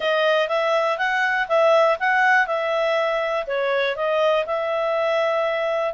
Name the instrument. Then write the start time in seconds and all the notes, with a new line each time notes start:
clarinet
0.00 D#5
0.48 E5
0.98 F#5
1.48 E5
1.99 F#5
2.46 E5
3.46 C#5
3.96 D#5
4.45 E5